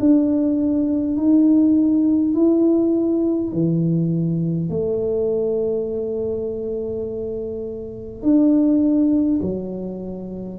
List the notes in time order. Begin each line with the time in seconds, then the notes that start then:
0.00 D4
1.17 D#4
2.35 E4
3.52 E3
4.70 A3
8.22 D4
9.42 F#3